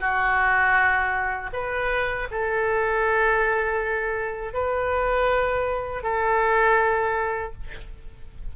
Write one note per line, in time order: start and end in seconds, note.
0.00 1.50 F#4
1.53 2.28 B4
2.31 4.53 A4
4.53 6.03 B4
6.03 7.53 A4